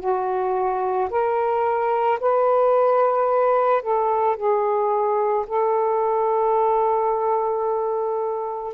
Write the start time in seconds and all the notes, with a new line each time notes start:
0.00 F#4
1.11 A#4
2.20 B4
3.83 A4
4.36 G#4
5.47 A4